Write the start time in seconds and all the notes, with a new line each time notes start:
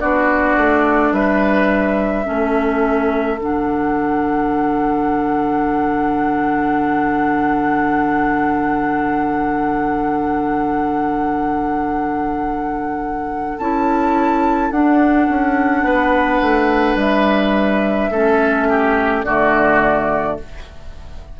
0.00 B3 D4 F#4 D5
0.57 A3
1.12 G3 B4 E5
2.24 A3 C#4 A4
3.39 D3 D4 F#5
13.58 C#4 E4 A5
14.71 D4 F#5
15.29 C#4
15.83 B3 B4
16.42 A3
16.96 G3 E5
18.11 A3 C#4 A4
18.70 G4
19.24 D3 A3 F#4 D5